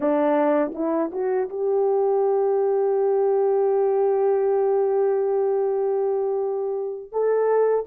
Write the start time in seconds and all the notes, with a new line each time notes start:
0.00 D4
0.74 E4
1.12 F#4
1.49 G4
7.12 A4